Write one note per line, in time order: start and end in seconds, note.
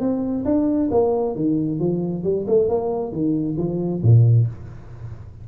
0.00 0.44 C4
0.45 0.90 D4
0.92 1.36 A#3
1.36 1.80 D#3
1.80 2.24 F3
2.24 2.46 G3
2.48 2.69 A3
2.69 3.13 A#3
3.13 3.57 D#3
3.58 4.02 F3
4.03 4.48 A#2